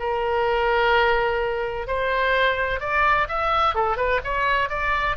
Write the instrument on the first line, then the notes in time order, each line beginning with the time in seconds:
oboe
0.00 A#4
1.87 C5
2.81 D5
3.29 E5
3.75 A4
3.97 B4
4.24 C#5
4.70 D5